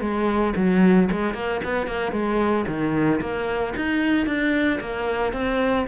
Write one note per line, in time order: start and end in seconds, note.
0.00 0.53 G#3
0.56 1.09 F#3
1.11 1.34 G#3
1.34 1.60 A#3
1.64 1.86 B3
1.86 2.12 A#3
2.12 2.65 G#3
2.67 3.20 D#3
3.21 3.74 A#3
3.76 4.26 D#4
4.26 4.79 D4
4.80 5.33 A#3
5.33 5.86 C4